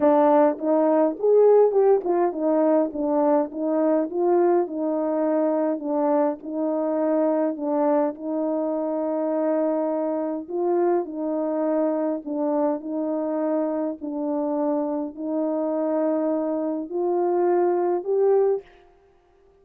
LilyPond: \new Staff \with { instrumentName = "horn" } { \time 4/4 \tempo 4 = 103 d'4 dis'4 gis'4 g'8 f'8 | dis'4 d'4 dis'4 f'4 | dis'2 d'4 dis'4~ | dis'4 d'4 dis'2~ |
dis'2 f'4 dis'4~ | dis'4 d'4 dis'2 | d'2 dis'2~ | dis'4 f'2 g'4 | }